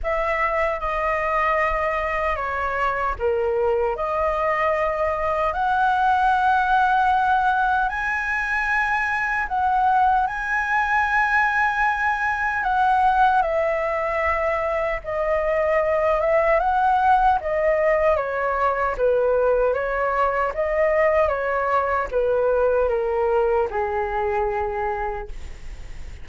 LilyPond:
\new Staff \with { instrumentName = "flute" } { \time 4/4 \tempo 4 = 76 e''4 dis''2 cis''4 | ais'4 dis''2 fis''4~ | fis''2 gis''2 | fis''4 gis''2. |
fis''4 e''2 dis''4~ | dis''8 e''8 fis''4 dis''4 cis''4 | b'4 cis''4 dis''4 cis''4 | b'4 ais'4 gis'2 | }